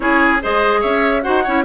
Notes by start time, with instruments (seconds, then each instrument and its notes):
0.00 bassoon C#4, clarinet E4, oboe G#4, flute C#5
0.42 bassoon G#3, clarinet G#4, oboe C5, flute D#5
0.80 bassoon C#4, oboe C#5, flute E5
1.22 bassoon D#4, clarinet F#4, oboe C5, flute F#5
1.43 bassoon C#4, clarinet E4, oboe C#5